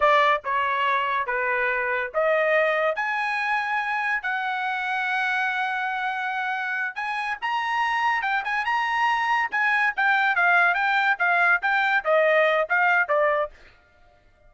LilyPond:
\new Staff \with { instrumentName = "trumpet" } { \time 4/4 \tempo 4 = 142 d''4 cis''2 b'4~ | b'4 dis''2 gis''4~ | gis''2 fis''2~ | fis''1~ |
fis''8 gis''4 ais''2 g''8 | gis''8 ais''2 gis''4 g''8~ | g''8 f''4 g''4 f''4 g''8~ | g''8 dis''4. f''4 d''4 | }